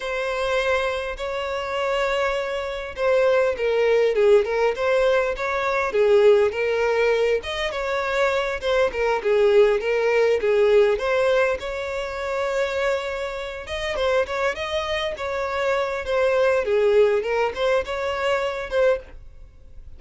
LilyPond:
\new Staff \with { instrumentName = "violin" } { \time 4/4 \tempo 4 = 101 c''2 cis''2~ | cis''4 c''4 ais'4 gis'8 ais'8 | c''4 cis''4 gis'4 ais'4~ | ais'8 dis''8 cis''4. c''8 ais'8 gis'8~ |
gis'8 ais'4 gis'4 c''4 cis''8~ | cis''2. dis''8 c''8 | cis''8 dis''4 cis''4. c''4 | gis'4 ais'8 c''8 cis''4. c''8 | }